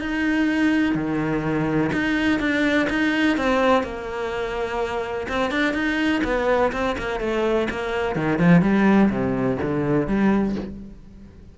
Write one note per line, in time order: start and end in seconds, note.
0.00 0.95 D#4
0.95 1.91 D#3
1.92 2.40 D#4
2.40 2.88 D4
2.90 3.37 D#4
3.37 3.83 C4
3.83 5.27 A#3
5.28 5.51 C4
5.51 5.74 D4
5.74 6.22 D#4
6.24 6.72 B3
6.72 6.96 C4
6.98 7.20 A#3
7.20 7.68 A3
7.70 8.16 A#3
8.16 8.39 D#3
8.39 8.62 F3
8.62 9.10 G3
9.10 9.58 C3
9.62 10.07 D3
10.07 10.55 G3